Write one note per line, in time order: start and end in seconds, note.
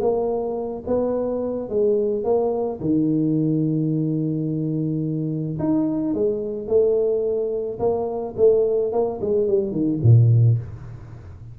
0.00 0.83 A#3
0.86 1.69 B3
1.69 2.24 G#3
2.24 2.79 A#3
2.80 5.58 D#3
5.59 6.14 D#4
6.14 6.67 G#3
6.67 7.79 A3
7.79 8.35 A#3
8.36 8.92 A3
8.92 9.20 A#3
9.21 9.47 G#3
9.47 9.71 G3
9.71 9.99 D#3
10.03 10.58 A#2